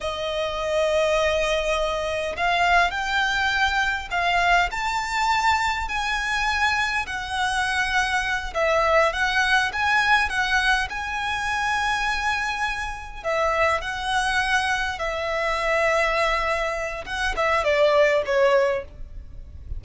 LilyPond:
\new Staff \with { instrumentName = "violin" } { \time 4/4 \tempo 4 = 102 dis''1 | f''4 g''2 f''4 | a''2 gis''2 | fis''2~ fis''8 e''4 fis''8~ |
fis''8 gis''4 fis''4 gis''4.~ | gis''2~ gis''8 e''4 fis''8~ | fis''4. e''2~ e''8~ | e''4 fis''8 e''8 d''4 cis''4 | }